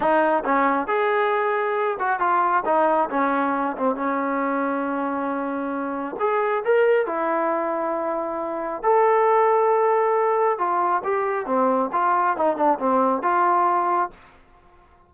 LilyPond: \new Staff \with { instrumentName = "trombone" } { \time 4/4 \tempo 4 = 136 dis'4 cis'4 gis'2~ | gis'8 fis'8 f'4 dis'4 cis'4~ | cis'8 c'8 cis'2.~ | cis'2 gis'4 ais'4 |
e'1 | a'1 | f'4 g'4 c'4 f'4 | dis'8 d'8 c'4 f'2 | }